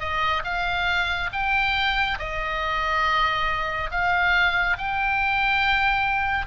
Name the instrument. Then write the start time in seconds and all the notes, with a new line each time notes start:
oboe
0.00 D#5
0.44 F5
1.32 G5
2.19 D#5
3.92 F5
4.78 G5